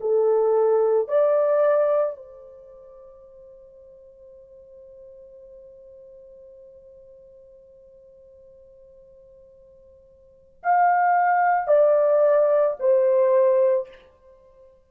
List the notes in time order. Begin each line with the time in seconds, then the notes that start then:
0.00 A4
1.08 D5
2.16 C5
10.63 F5
11.67 D5
12.79 C5